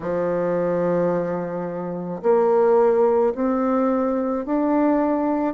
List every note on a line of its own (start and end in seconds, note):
0.00 2.21 F3
2.22 3.33 A#3
3.34 4.45 C4
4.45 5.54 D4